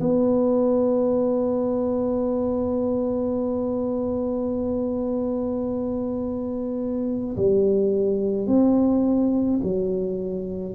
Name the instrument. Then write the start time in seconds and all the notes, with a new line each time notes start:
tuba
0.00 B3
7.37 G3
8.47 C4
9.63 F#3